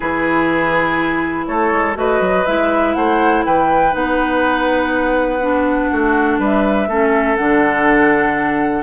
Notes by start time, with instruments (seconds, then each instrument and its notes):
0.00 bassoon E3, clarinet E4, oboe G#4, flute B4
1.46 bassoon A3, oboe A4, flute C#5
1.71 bassoon G#3
1.95 bassoon A3, clarinet F#4, oboe B4, flute D#5
2.20 bassoon F#3
2.45 bassoon G#3, clarinet E4, flute E5
2.94 bassoon A3, oboe C5, flute F#5
3.45 bassoon E3, oboe B4, flute G5
3.91 bassoon B3, clarinet D#4, flute F#5
5.41 clarinet D4
5.91 bassoon A3, oboe F#4
6.38 bassoon G3, oboe B4, flute E5
6.87 bassoon A3, clarinet C#4, oboe A4
7.36 bassoon D3, clarinet D4, flute F#5